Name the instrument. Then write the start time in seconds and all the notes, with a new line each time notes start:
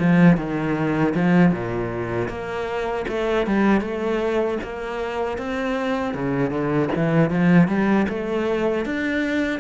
cello
0.00 F3
0.37 D#3
1.15 F3
1.52 A#2
2.29 A#3
3.09 A3
3.47 G3
3.81 A3
4.63 A#3
5.38 C4
6.15 C#3
6.50 D3
6.96 E3
7.31 F3
7.68 G3
8.09 A3
8.86 D4